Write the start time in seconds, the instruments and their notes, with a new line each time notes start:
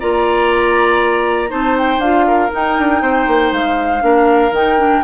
0.00 bassoon A#3, clarinet F4, oboe D5, flute A#5
1.48 bassoon C4, clarinet D#4, oboe C5, flute A5
1.78 flute G5
1.98 bassoon D4, clarinet F4, flute F5
2.27 oboe A#4
2.50 clarinet D#4, bassoon D#4, flute G5
2.78 bassoon D4
3.01 bassoon C4, oboe C5
3.27 bassoon A#3
3.51 bassoon G#3, flute F5
4.00 bassoon A#3, clarinet D4, oboe A#4
4.51 bassoon D#3, clarinet D#4, flute G5
4.78 clarinet D4